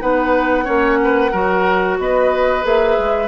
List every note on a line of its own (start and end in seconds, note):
0.00 0.67 B3
0.00 0.64 D#4
0.00 0.64 B4
0.00 1.98 F#5
0.64 1.32 A#3
0.64 1.30 C#4
0.64 0.97 C#5
1.03 1.31 B4
1.31 1.98 F#3
1.31 2.62 F#4
1.31 1.97 A#4
1.98 2.64 B3
1.98 3.27 B4
1.98 2.65 D#5
2.62 2.97 A#3
2.62 3.27 G#4
2.62 3.27 E5
2.98 3.27 G#3